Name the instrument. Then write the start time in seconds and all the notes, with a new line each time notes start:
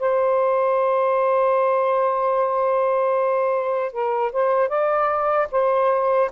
saxophone
0.00 C5
3.93 A#4
4.32 C5
4.69 D5
5.52 C5